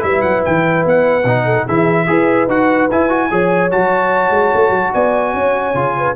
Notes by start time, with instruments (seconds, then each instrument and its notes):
0.00 tuba G3, trombone E4, horn B4, trumpet E5
0.22 tuba F#3, trumpet F#5
0.45 tuba E3, trumpet G5
0.85 tuba B3, trumpet F#5
1.24 tuba B2, trombone D#4
1.45 horn A4
1.66 tuba E3, trombone E4, horn G#4, trumpet E5
2.07 tuba E4, trombone G#4, horn B4
2.48 tuba D#4, trombone F#4, trumpet F#5
2.91 tuba E4, trombone E4, trumpet G#5
3.09 trombone F#4
3.31 tuba F3, trombone G#4, horn C#5
3.71 tuba F#3, trombone F#4, trumpet A5
4.30 tuba G#3
4.54 tuba A3
4.70 tuba F#3
4.94 tuba B3, horn D5, trumpet G#5
5.34 tuba C#4, horn C#5
5.74 tuba C#3, trombone F4
5.97 horn B4